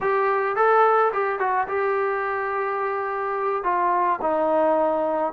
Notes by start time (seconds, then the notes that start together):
0.01 G4
0.56 A4
1.13 G4
1.39 F#4
1.68 G4
3.63 F4
4.21 D#4